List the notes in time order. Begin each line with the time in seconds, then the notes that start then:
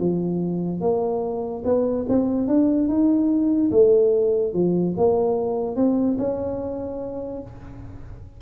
0.00 F3
0.81 A#3
1.65 B3
2.09 C4
2.48 D4
2.89 D#4
3.71 A3
4.54 F3
4.97 A#3
5.76 C4
6.18 C#4